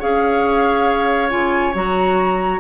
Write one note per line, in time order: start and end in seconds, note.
0.00 1.33 C#4
0.00 1.30 G#4
0.00 2.60 C#5
0.00 1.31 F5
1.30 1.75 C#3
1.30 1.73 F4
1.30 1.74 G#5
1.75 2.60 F#3
1.75 2.60 F#4
1.75 2.60 A#5